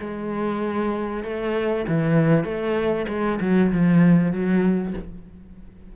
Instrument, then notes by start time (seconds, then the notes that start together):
cello
0.00 G#3
1.24 A3
1.88 E3
2.44 A3
3.08 G#3
3.41 F#3
3.72 F3
4.32 F#3